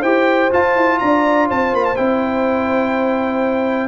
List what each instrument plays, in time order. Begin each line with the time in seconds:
0.00 tuba E4, trombone G4, horn C5, trumpet G5
0.51 trombone F4, tuba F4, trumpet A5
0.76 tuba E4
0.99 tuba D4, horn D5, trumpet A#5
1.49 tuba C4, horn C5, trumpet A5
1.73 tuba A#3, trumpet B5
1.85 trumpet A5
1.96 tuba C4, trombone E4, trumpet G5